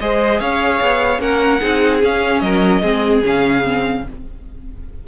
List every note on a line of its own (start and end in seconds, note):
0.00 0.41 G#3
0.00 1.19 G#4
0.00 0.40 C5
0.00 0.40 D#5
0.40 0.81 C#4
0.40 1.21 C#5
0.40 1.21 F5
0.82 1.19 B3
1.19 1.60 A#3
1.19 1.60 C#4
1.19 1.60 A#4
1.19 2.02 F#5
1.60 2.04 C4
1.60 2.02 D#4
1.60 2.41 G#4
2.03 2.82 C#4
2.03 2.42 C#4
2.03 2.40 F5
2.40 2.82 F#3
2.40 2.82 A#4
2.40 3.21 D#5
2.82 3.24 G#3
2.82 3.23 C4
2.82 4.04 G#4
3.24 4.06 C#3
3.24 3.64 C#4
3.24 4.08 F5
3.64 4.04 C4